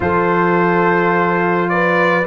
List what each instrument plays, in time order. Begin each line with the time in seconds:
0.00 tuba F3, trombone F4, horn A4, trumpet C5
1.69 horn B4, trumpet D5